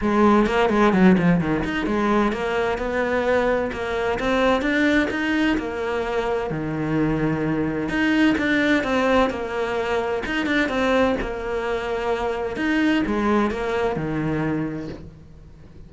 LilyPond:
\new Staff \with { instrumentName = "cello" } { \time 4/4 \tempo 4 = 129 gis4 ais8 gis8 fis8 f8 dis8 dis'8 | gis4 ais4 b2 | ais4 c'4 d'4 dis'4 | ais2 dis2~ |
dis4 dis'4 d'4 c'4 | ais2 dis'8 d'8 c'4 | ais2. dis'4 | gis4 ais4 dis2 | }